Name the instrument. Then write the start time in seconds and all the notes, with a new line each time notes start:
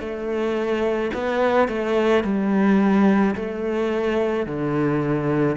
cello
0.00 A3
1.14 B3
1.69 A3
2.24 G3
3.36 A3
4.47 D3